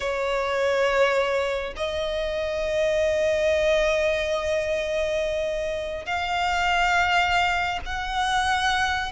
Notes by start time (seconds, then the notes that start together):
0.00 C#5
1.76 D#5
6.05 F5
7.85 F#5